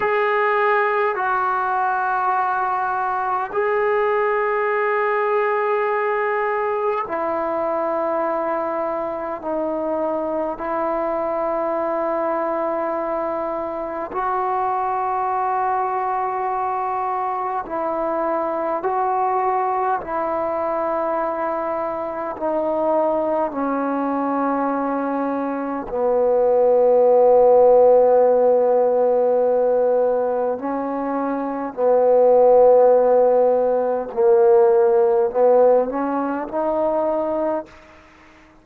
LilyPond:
\new Staff \with { instrumentName = "trombone" } { \time 4/4 \tempo 4 = 51 gis'4 fis'2 gis'4~ | gis'2 e'2 | dis'4 e'2. | fis'2. e'4 |
fis'4 e'2 dis'4 | cis'2 b2~ | b2 cis'4 b4~ | b4 ais4 b8 cis'8 dis'4 | }